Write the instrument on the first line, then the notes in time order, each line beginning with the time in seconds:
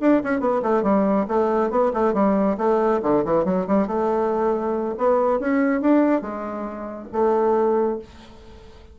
bassoon
0.00 D4
0.24 C#4
0.40 B3
0.62 A3
0.83 G3
1.28 A3
1.70 B3
1.93 A3
2.13 G3
2.57 A3
3.02 D3
3.25 E3
3.45 F#3
3.67 G3
3.87 A3
4.97 B3
5.40 C#4
5.81 D4
6.22 G#3
7.12 A3